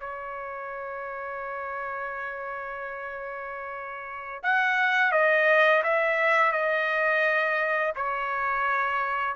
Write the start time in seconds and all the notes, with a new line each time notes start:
0.00 C#5
4.43 F#5
5.12 D#5
5.83 E5
6.52 D#5
7.96 C#5